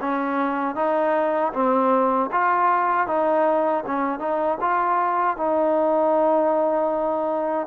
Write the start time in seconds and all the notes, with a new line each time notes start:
0.00 C#4
0.75 D#4
1.53 C4
2.31 F4
3.07 D#4
3.86 C#4
4.19 D#4
4.60 F4
5.37 D#4